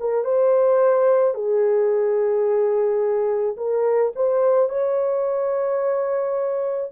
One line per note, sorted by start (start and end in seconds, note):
0.00 0.24 A#4
0.24 1.34 C5
1.34 3.57 G#4
3.57 4.12 A#4
4.16 4.69 C5
4.69 6.91 C#5